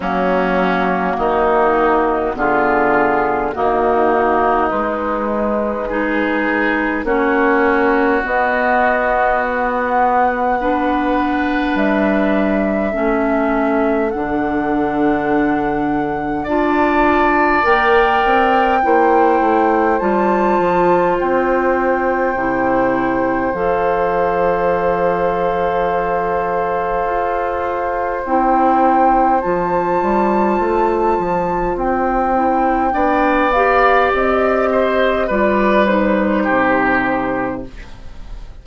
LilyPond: <<
  \new Staff \with { instrumentName = "flute" } { \time 4/4 \tempo 4 = 51 fis'2 gis'4 fis'4 | b'2 cis''4 dis''4 | fis''2 e''2 | fis''2 a''4 g''4~ |
g''4 a''4 g''2 | f''1 | g''4 a''2 g''4~ | g''8 f''8 dis''4 d''8 c''4. | }
  \new Staff \with { instrumentName = "oboe" } { \time 4/4 cis'4 dis'4 f'4 dis'4~ | dis'4 gis'4 fis'2~ | fis'4 b'2 a'4~ | a'2 d''2 |
c''1~ | c''1~ | c''1 | d''4. c''8 b'4 g'4 | }
  \new Staff \with { instrumentName = "clarinet" } { \time 4/4 ais2 b4 ais4 | gis4 dis'4 cis'4 b4~ | b4 d'2 cis'4 | d'2 f'4 ais'4 |
e'4 f'2 e'4 | a'1 | e'4 f'2~ f'8 e'8 | d'8 g'4. f'8 dis'4. | }
  \new Staff \with { instrumentName = "bassoon" } { \time 4/4 fis4 dis4 d4 dis4 | gis2 ais4 b4~ | b2 g4 a4 | d2 d'4 ais8 c'8 |
ais8 a8 g8 f8 c'4 c4 | f2. f'4 | c'4 f8 g8 a8 f8 c'4 | b4 c'4 g4 c4 | }
>>